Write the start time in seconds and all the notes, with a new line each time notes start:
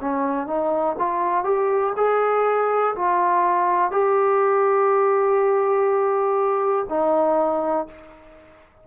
0.00 C#4
0.46 D#4
0.98 F4
1.44 G4
1.96 G#4
2.95 F4
3.91 G4
6.89 D#4